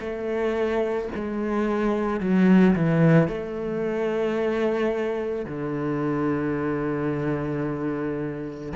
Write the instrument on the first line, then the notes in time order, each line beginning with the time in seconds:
cello
0.00 A3
1.15 G#3
2.20 F#3
2.75 E3
3.28 A3
5.45 D3